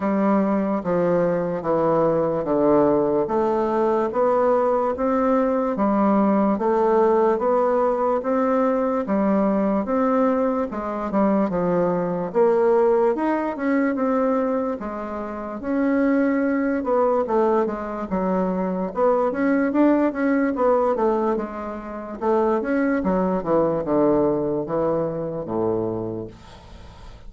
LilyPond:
\new Staff \with { instrumentName = "bassoon" } { \time 4/4 \tempo 4 = 73 g4 f4 e4 d4 | a4 b4 c'4 g4 | a4 b4 c'4 g4 | c'4 gis8 g8 f4 ais4 |
dis'8 cis'8 c'4 gis4 cis'4~ | cis'8 b8 a8 gis8 fis4 b8 cis'8 | d'8 cis'8 b8 a8 gis4 a8 cis'8 | fis8 e8 d4 e4 a,4 | }